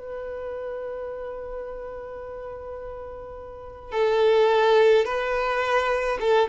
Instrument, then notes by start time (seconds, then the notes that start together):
violin
0.00 B4
3.92 A4
5.06 B4
6.21 A4